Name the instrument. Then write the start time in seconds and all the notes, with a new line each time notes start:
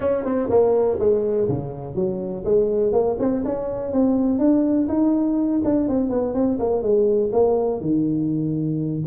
tuba
0.00 C#4
0.24 C4
0.49 A#3
0.99 G#3
1.48 C#3
1.95 F#3
2.45 G#3
2.92 A#3
3.19 C4
3.44 C#4
3.92 C4
4.38 D4
4.88 D#4
5.64 D4
5.88 C4
6.09 B3
6.33 C4
6.59 A#3
6.82 G#3
7.32 A#3
7.80 D#3